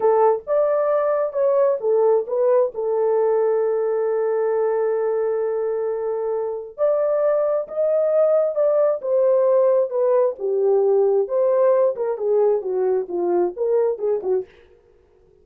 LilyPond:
\new Staff \with { instrumentName = "horn" } { \time 4/4 \tempo 4 = 133 a'4 d''2 cis''4 | a'4 b'4 a'2~ | a'1~ | a'2. d''4~ |
d''4 dis''2 d''4 | c''2 b'4 g'4~ | g'4 c''4. ais'8 gis'4 | fis'4 f'4 ais'4 gis'8 fis'8 | }